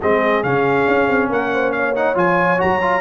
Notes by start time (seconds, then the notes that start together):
0.00 G#3 C4 G#4 D#5
0.44 C#3 C#4 F5
0.88 C#4
1.08 C4
1.30 A#3 A#4 F#5
1.54 C5
1.72 C#5 F5
1.96 D#4 F#5
2.15 F3 F4 G#5
2.58 F#3 F#4 A#5
2.82 F4